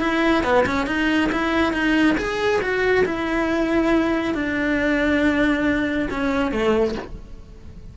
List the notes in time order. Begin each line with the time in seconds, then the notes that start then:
0.00 E4
0.43 B3
0.66 C#4
0.86 D#4
1.32 E4
1.73 D#4
2.17 G#4
2.61 F#4
3.05 E4
4.34 D4
6.10 C#4
6.51 A3